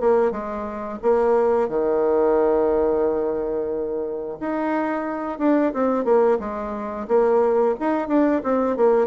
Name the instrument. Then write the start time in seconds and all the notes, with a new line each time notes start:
bassoon
0.00 A#3
0.31 G#3
1.02 A#3
1.68 D#3
4.40 D#4
5.38 D4
5.73 C4
6.04 A#3
6.39 G#3
7.07 A#3
7.80 D#4
8.07 D4
8.43 C4
8.76 A#3